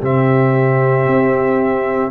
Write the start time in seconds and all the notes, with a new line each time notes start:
0.00 C3 C4 G4 E5
1.07 C4